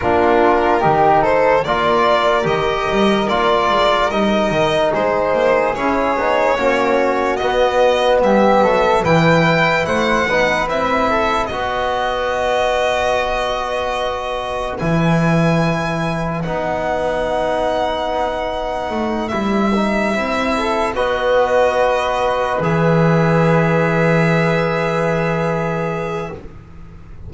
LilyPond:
<<
  \new Staff \with { instrumentName = "violin" } { \time 4/4 \tempo 4 = 73 ais'4. c''8 d''4 dis''4 | d''4 dis''4 c''4 cis''4~ | cis''4 dis''4 e''4 g''4 | fis''4 e''4 dis''2~ |
dis''2 gis''2 | fis''2.~ fis''8 e''8~ | e''4. dis''2 e''8~ | e''1 | }
  \new Staff \with { instrumentName = "flute" } { \time 4/4 f'4 g'8 a'8 ais'2~ | ais'2 gis'2 | fis'2 g'8 a'8 b'4 | c''8 b'4 a'8 b'2~ |
b'1~ | b'1~ | b'4 a'8 b'2~ b'8~ | b'1 | }
  \new Staff \with { instrumentName = "trombone" } { \time 4/4 d'4 dis'4 f'4 g'4 | f'4 dis'2 e'8 dis'8 | cis'4 b2 e'4~ | e'8 dis'8 e'4 fis'2~ |
fis'2 e'2 | dis'2.~ dis'8 e'8 | dis'8 e'4 fis'2 gis'8~ | gis'1 | }
  \new Staff \with { instrumentName = "double bass" } { \time 4/4 ais4 dis4 ais4 dis8 g8 | ais8 gis8 g8 dis8 gis8 ais8 cis'8 b8 | ais4 b4 g8 fis8 e4 | a8 b8 c'4 b2~ |
b2 e2 | b2. a8 g8~ | g8 c'4 b2 e8~ | e1 | }
>>